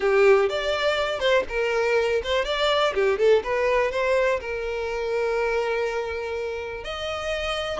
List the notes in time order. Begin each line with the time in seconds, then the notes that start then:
0.00 G4
0.49 D5
1.19 C5
1.49 A#4
2.23 C5
2.44 D5
2.94 G4
3.18 A4
3.43 B4
3.91 C5
4.40 A#4
6.84 D#5